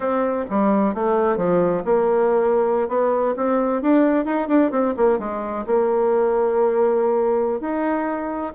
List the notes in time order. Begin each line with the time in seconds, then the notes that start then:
0.00 C4
0.50 G3
0.94 A3
1.37 F3
1.84 A#3
2.88 B3
3.36 C4
3.82 D4
4.25 D#4
4.48 D4
4.71 C4
4.96 A#3
5.18 G#3
5.66 A#3
7.60 D#4